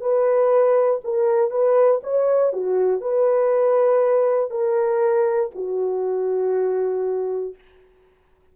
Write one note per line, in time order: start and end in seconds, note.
0.00 1.00 B4
1.04 1.50 A#4
1.50 2.00 B4
2.03 2.53 C#5
2.53 3.01 F#4
3.01 4.50 B4
4.50 5.50 A#4
5.55 7.55 F#4